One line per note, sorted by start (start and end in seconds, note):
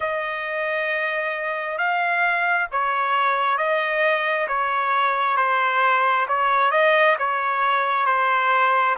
0.00 1.77 D#5
1.77 2.67 F5
2.71 3.57 C#5
3.57 4.47 D#5
4.47 5.36 C#5
5.36 6.26 C5
6.27 6.71 C#5
6.71 7.16 D#5
7.18 8.06 C#5
8.06 8.96 C5